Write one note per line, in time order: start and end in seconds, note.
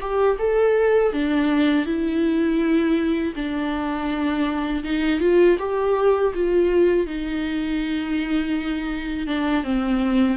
0.00 0.37 G4
0.38 1.12 A4
1.12 1.86 D4
1.86 3.34 E4
3.35 4.83 D4
4.84 5.20 D#4
5.20 5.57 F4
5.59 6.33 G4
6.34 7.06 F4
7.06 9.27 D#4
9.27 9.64 D4
9.64 10.37 C4